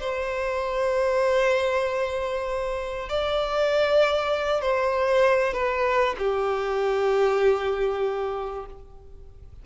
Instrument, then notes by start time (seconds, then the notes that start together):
violin
0.00 C5
3.09 D5
4.61 C5
5.54 B4
6.18 G4